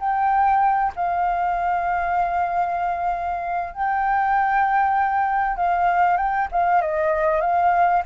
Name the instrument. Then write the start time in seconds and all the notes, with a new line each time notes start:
flute
0.00 G5
0.96 F5
3.74 G5
5.57 F5
6.17 G5
6.52 F5
6.82 D#5
7.41 F5